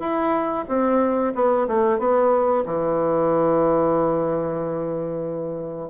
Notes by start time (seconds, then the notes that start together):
0.00 E4
0.68 C4
1.35 B3
1.68 A3
1.99 B3
2.66 E3